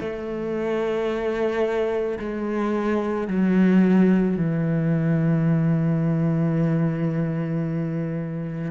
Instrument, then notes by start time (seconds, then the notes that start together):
cello
0.00 A3
2.19 G#3
3.28 F#3
4.37 E3